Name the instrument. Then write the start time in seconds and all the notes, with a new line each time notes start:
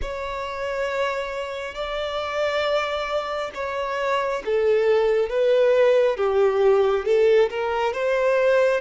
violin
0.01 C#5
1.74 D5
3.54 C#5
4.45 A4
5.29 B4
6.16 G4
7.05 A4
7.50 A#4
7.93 C5